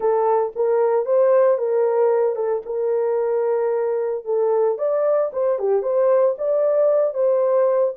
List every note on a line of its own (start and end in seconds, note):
0.00 0.52 A4
0.55 1.05 A#4
1.05 1.58 C5
1.58 2.35 A#4
2.35 2.62 A4
2.65 4.25 A#4
4.25 4.78 A4
4.78 5.31 D5
5.32 5.58 C5
5.58 5.82 G4
5.82 6.35 C5
6.37 7.13 D5
7.13 7.93 C5